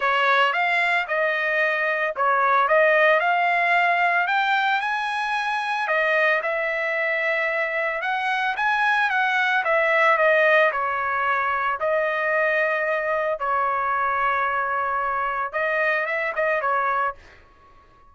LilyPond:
\new Staff \with { instrumentName = "trumpet" } { \time 4/4 \tempo 4 = 112 cis''4 f''4 dis''2 | cis''4 dis''4 f''2 | g''4 gis''2 dis''4 | e''2. fis''4 |
gis''4 fis''4 e''4 dis''4 | cis''2 dis''2~ | dis''4 cis''2.~ | cis''4 dis''4 e''8 dis''8 cis''4 | }